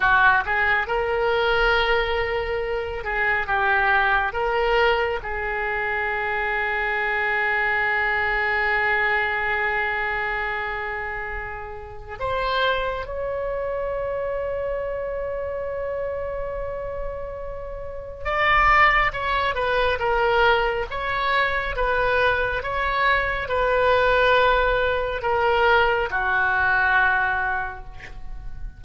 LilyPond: \new Staff \with { instrumentName = "oboe" } { \time 4/4 \tempo 4 = 69 fis'8 gis'8 ais'2~ ais'8 gis'8 | g'4 ais'4 gis'2~ | gis'1~ | gis'2 c''4 cis''4~ |
cis''1~ | cis''4 d''4 cis''8 b'8 ais'4 | cis''4 b'4 cis''4 b'4~ | b'4 ais'4 fis'2 | }